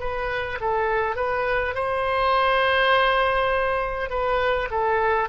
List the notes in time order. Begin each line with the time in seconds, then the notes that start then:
0.00 B4
0.61 A4
1.16 B4
1.75 C5
4.10 B4
4.71 A4